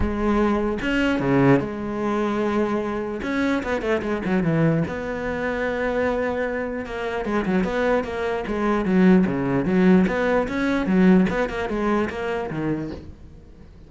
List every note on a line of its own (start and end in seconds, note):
0.00 0.78 G#3
0.81 1.19 C#4
1.19 1.59 C#3
1.59 3.20 G#3
3.22 3.62 C#4
3.63 3.81 B3
3.81 4.01 A3
4.02 4.22 G#3
4.25 4.43 F#3
4.43 4.83 E3
4.87 6.85 B3
6.85 7.25 A#3
7.25 7.45 G#3
7.45 7.64 F#3
7.64 8.04 B3
8.04 8.44 A#3
8.47 8.85 G#3
8.85 9.25 F#3
9.26 9.65 C#3
9.65 10.05 F#3
10.07 10.47 B3
10.48 10.86 C#4
10.86 11.26 F#3
11.29 11.49 B3
11.49 11.69 A#3
11.69 12.09 G#3
12.09 12.49 A#3
12.50 12.90 D#3